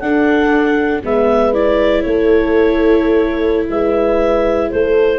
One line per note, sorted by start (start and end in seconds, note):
0.00 1.02 D4
0.00 1.03 D4
0.00 1.04 A4
0.00 1.01 F#5
1.04 2.05 G#3
1.04 1.54 B3
1.04 2.05 B4
1.04 1.54 E5
1.54 5.18 E4
1.54 2.02 D5
2.02 3.69 A3
2.02 3.69 A4
2.02 3.66 C#5
3.70 4.70 G#3
3.70 4.70 B4
3.70 4.71 E5
4.71 5.18 A3
4.71 5.18 A4
4.71 5.18 C5